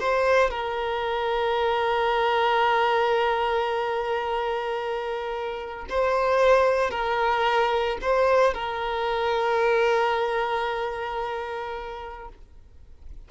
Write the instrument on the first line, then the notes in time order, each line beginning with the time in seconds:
violin
0.00 C5
0.51 A#4
5.90 C5
6.91 A#4
8.02 C5
8.54 A#4